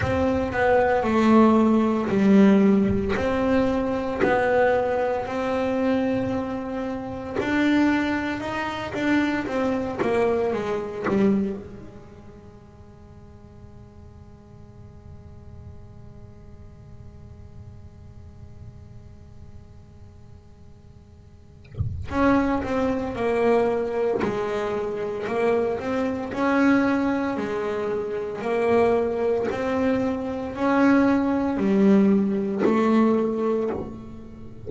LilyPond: \new Staff \with { instrumentName = "double bass" } { \time 4/4 \tempo 4 = 57 c'8 b8 a4 g4 c'4 | b4 c'2 d'4 | dis'8 d'8 c'8 ais8 gis8 g8 gis4~ | gis1~ |
gis1~ | gis4 cis'8 c'8 ais4 gis4 | ais8 c'8 cis'4 gis4 ais4 | c'4 cis'4 g4 a4 | }